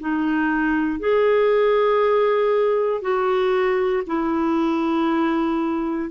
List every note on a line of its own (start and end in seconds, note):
0.00 1.00 D#4
1.00 3.02 G#4
3.02 4.04 F#4
4.07 6.11 E4